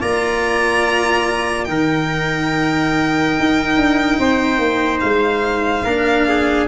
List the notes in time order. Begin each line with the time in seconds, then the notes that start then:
0.00 A#3 F4 D5 A#5
1.64 D#3 D#4 A#4 G5
3.39 D#4
3.76 D4
4.19 C4 C5
4.58 A#3
5.00 G#3 F5
5.83 A#3 D4 A#4
6.28 G#4